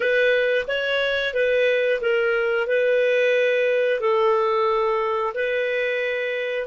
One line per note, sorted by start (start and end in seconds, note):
0.00 0.65 B4
0.67 1.34 C#5
1.34 2.00 B4
2.01 2.67 A#4
2.67 4.00 B4
4.00 5.33 A4
5.34 6.67 B4